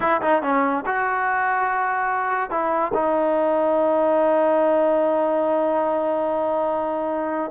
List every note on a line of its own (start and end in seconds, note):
0.00 0.21 E4
0.21 0.42 D#4
0.42 0.84 C#4
0.86 2.50 F#4
2.50 2.92 E4
2.94 7.51 D#4